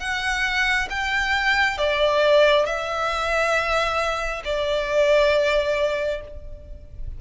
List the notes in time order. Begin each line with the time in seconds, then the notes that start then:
0.00 F#5
0.90 G5
1.78 D5
2.66 E5
4.45 D5